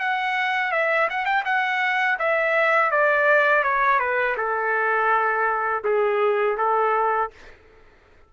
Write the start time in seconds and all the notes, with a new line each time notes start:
0.00 F#5
0.72 E5
1.10 F#5
1.25 G5
1.45 F#5
2.19 E5
2.91 D5
3.64 C#5
3.99 B4
4.37 A4
5.84 G#4
6.58 A4